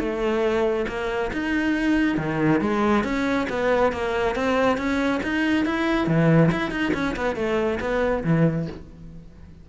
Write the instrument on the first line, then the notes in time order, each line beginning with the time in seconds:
cello
0.00 A3
0.88 A#3
1.33 D#4
2.18 D#3
2.61 G#3
3.04 C#4
3.50 B3
3.93 A#3
4.36 C4
4.78 C#4
5.23 D#4
5.66 E4
6.07 E3
6.52 E4
6.72 D#4
6.95 C#4
7.17 B3
7.36 A3
7.81 B3
8.24 E3